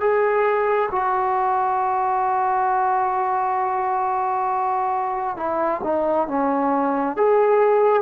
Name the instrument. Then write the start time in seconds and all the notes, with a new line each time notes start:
trombone
0.00 G#4
0.91 F#4
5.36 E4
5.83 D#4
6.28 C#4
7.16 G#4